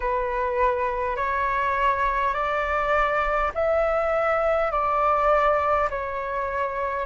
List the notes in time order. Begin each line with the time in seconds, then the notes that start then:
0.00 B4
1.16 C#5
2.34 D5
3.54 E5
4.71 D5
5.90 C#5